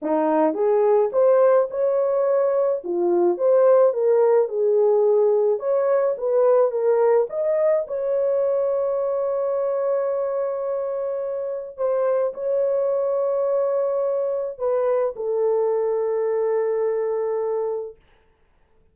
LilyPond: \new Staff \with { instrumentName = "horn" } { \time 4/4 \tempo 4 = 107 dis'4 gis'4 c''4 cis''4~ | cis''4 f'4 c''4 ais'4 | gis'2 cis''4 b'4 | ais'4 dis''4 cis''2~ |
cis''1~ | cis''4 c''4 cis''2~ | cis''2 b'4 a'4~ | a'1 | }